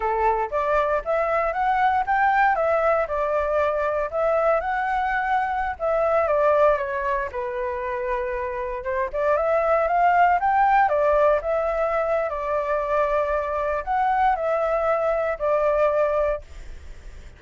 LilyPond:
\new Staff \with { instrumentName = "flute" } { \time 4/4 \tempo 4 = 117 a'4 d''4 e''4 fis''4 | g''4 e''4 d''2 | e''4 fis''2~ fis''16 e''8.~ | e''16 d''4 cis''4 b'4.~ b'16~ |
b'4~ b'16 c''8 d''8 e''4 f''8.~ | f''16 g''4 d''4 e''4.~ e''16 | d''2. fis''4 | e''2 d''2 | }